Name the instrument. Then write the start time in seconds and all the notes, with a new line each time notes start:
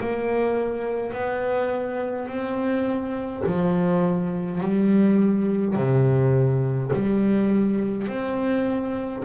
double bass
0.00 A#3
1.13 B3
2.28 C4
3.46 F3
4.60 G3
5.76 C3
6.93 G3
8.08 C4